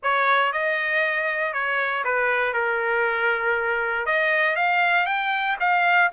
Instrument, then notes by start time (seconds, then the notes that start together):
trumpet
0.03 C#5
0.52 D#5
1.53 C#5
2.04 B4
2.53 A#4
4.05 D#5
4.56 F5
5.06 G5
5.60 F5